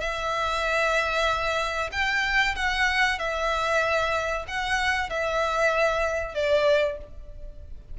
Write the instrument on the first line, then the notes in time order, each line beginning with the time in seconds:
violin
0.00 E5
1.92 G5
2.55 F#5
3.18 E5
4.47 F#5
5.09 E5
6.34 D5